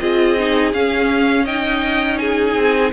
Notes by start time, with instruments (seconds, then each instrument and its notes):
0.00 cello C4, viola F4, violin G#4 D#5
0.38 viola D#4
0.74 viola C#4, cello C#4, violin F5
1.45 viola D#4, violin D#5 G5
2.19 violin G#4 G#5
2.55 cello C4